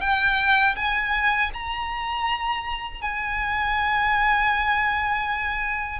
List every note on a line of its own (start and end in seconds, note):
0.00 0.75 G5
0.75 1.50 G#5
1.53 3.01 A#5
3.01 5.99 G#5